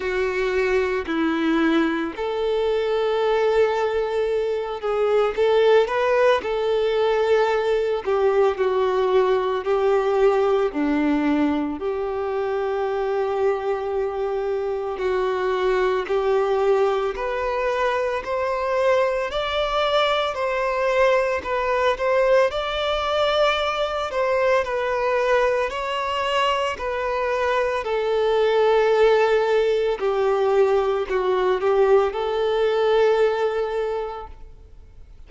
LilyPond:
\new Staff \with { instrumentName = "violin" } { \time 4/4 \tempo 4 = 56 fis'4 e'4 a'2~ | a'8 gis'8 a'8 b'8 a'4. g'8 | fis'4 g'4 d'4 g'4~ | g'2 fis'4 g'4 |
b'4 c''4 d''4 c''4 | b'8 c''8 d''4. c''8 b'4 | cis''4 b'4 a'2 | g'4 fis'8 g'8 a'2 | }